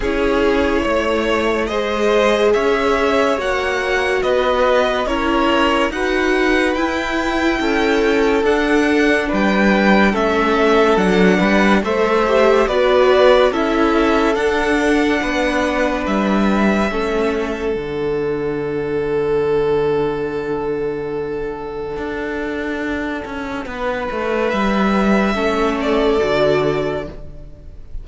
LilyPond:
<<
  \new Staff \with { instrumentName = "violin" } { \time 4/4 \tempo 4 = 71 cis''2 dis''4 e''4 | fis''4 dis''4 cis''4 fis''4 | g''2 fis''4 g''4 | e''4 fis''4 e''4 d''4 |
e''4 fis''2 e''4~ | e''4 fis''2.~ | fis''1~ | fis''4 e''4. d''4. | }
  \new Staff \with { instrumentName = "violin" } { \time 4/4 gis'4 cis''4 c''4 cis''4~ | cis''4 b'4 ais'4 b'4~ | b'4 a'2 b'4 | a'4. b'8 c''4 b'4 |
a'2 b'2 | a'1~ | a'1 | b'2 a'2 | }
  \new Staff \with { instrumentName = "viola" } { \time 4/4 e'2 gis'2 | fis'2 e'4 fis'4 | e'2 d'2 | cis'4 d'4 a'8 g'8 fis'4 |
e'4 d'2. | cis'4 d'2.~ | d'1~ | d'2 cis'4 fis'4 | }
  \new Staff \with { instrumentName = "cello" } { \time 4/4 cis'4 a4 gis4 cis'4 | ais4 b4 cis'4 dis'4 | e'4 cis'4 d'4 g4 | a4 fis8 g8 a4 b4 |
cis'4 d'4 b4 g4 | a4 d2.~ | d2 d'4. cis'8 | b8 a8 g4 a4 d4 | }
>>